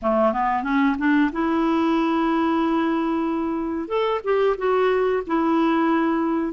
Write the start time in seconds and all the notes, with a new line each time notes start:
0.02 A3
0.33 B3
0.63 C#4
0.98 D4
1.32 E4
3.88 A4
4.24 G4
4.57 F#4
5.26 E4